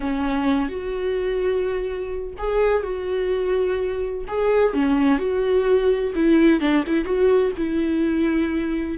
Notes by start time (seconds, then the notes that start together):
0.00 C#4
0.69 F#4
2.38 G#4
2.83 F#4
4.27 G#4
4.73 C#4
5.18 F#4
6.15 E4
6.60 D4
6.87 E4
7.04 F#4
7.57 E4